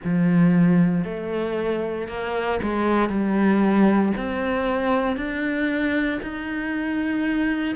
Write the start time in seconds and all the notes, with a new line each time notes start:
0.03 F3
1.04 A3
2.08 A#3
2.62 G#3
3.08 G3
4.17 C4
5.16 D4
6.22 D#4